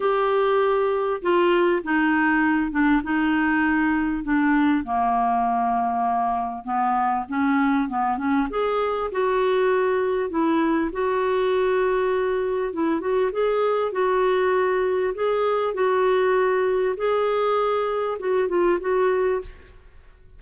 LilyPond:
\new Staff \with { instrumentName = "clarinet" } { \time 4/4 \tempo 4 = 99 g'2 f'4 dis'4~ | dis'8 d'8 dis'2 d'4 | ais2. b4 | cis'4 b8 cis'8 gis'4 fis'4~ |
fis'4 e'4 fis'2~ | fis'4 e'8 fis'8 gis'4 fis'4~ | fis'4 gis'4 fis'2 | gis'2 fis'8 f'8 fis'4 | }